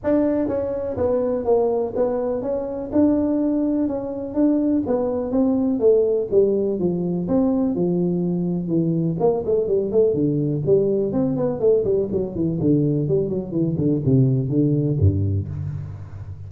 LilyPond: \new Staff \with { instrumentName = "tuba" } { \time 4/4 \tempo 4 = 124 d'4 cis'4 b4 ais4 | b4 cis'4 d'2 | cis'4 d'4 b4 c'4 | a4 g4 f4 c'4 |
f2 e4 ais8 a8 | g8 a8 d4 g4 c'8 b8 | a8 g8 fis8 e8 d4 g8 fis8 | e8 d8 c4 d4 g,4 | }